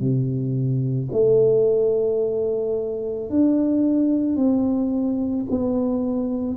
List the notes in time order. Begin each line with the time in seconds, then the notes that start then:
0.00 C3
1.13 A3
3.30 D4
4.37 C4
5.51 B3